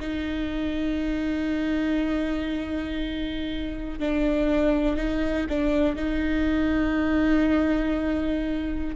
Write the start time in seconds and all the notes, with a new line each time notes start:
0.00 D#4
4.00 D4
4.96 D#4
5.49 D4
5.95 D#4